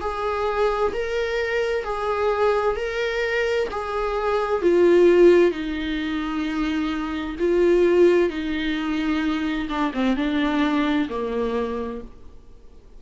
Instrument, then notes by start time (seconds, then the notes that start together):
viola
0.00 G#4
0.93 A#4
1.84 G#4
2.76 A#4
3.70 G#4
4.62 F4
5.51 D#4
7.39 F4
8.30 D#4
9.69 D4
9.93 C4
10.16 D4
11.09 A#3